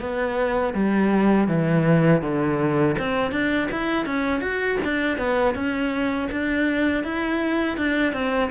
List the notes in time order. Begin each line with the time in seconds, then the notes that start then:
0.00 B3
0.74 G3
1.47 E3
2.22 D3
2.98 C4
3.31 D4
3.71 E4
4.06 C#4
4.41 F#4
4.84 D4
5.18 B3
5.55 C#4
6.31 D4
7.04 E4
7.77 D4
8.13 C4